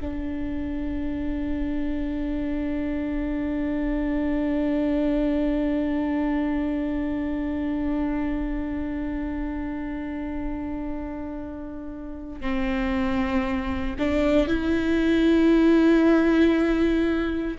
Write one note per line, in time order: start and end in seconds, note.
0.00 12.41 D4
12.41 13.96 C4
13.98 14.47 D4
14.47 17.58 E4